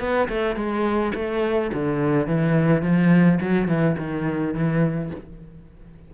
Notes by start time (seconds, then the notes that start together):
0.00 B3
0.29 A3
0.56 G#3
1.15 A3
1.74 D3
2.27 E3
2.83 F3
3.41 F#3
3.68 E3
3.98 D#3
4.54 E3